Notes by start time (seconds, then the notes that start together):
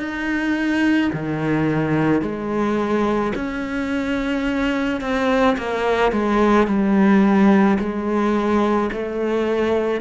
0.00 D#4
1.13 D#3
2.22 G#3
3.36 C#4
5.02 C4
5.58 A#3
6.13 G#3
6.68 G3
7.79 G#3
8.93 A3